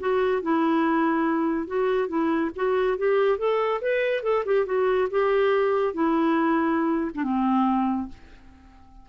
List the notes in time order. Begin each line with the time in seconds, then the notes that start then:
0.00 F#4
0.42 E4
1.67 F#4
2.09 E4
2.56 F#4
2.98 G4
3.38 A4
3.81 B4
4.23 A4
4.46 G4
4.66 F#4
5.11 G4
5.94 E4
7.15 D4
7.24 C4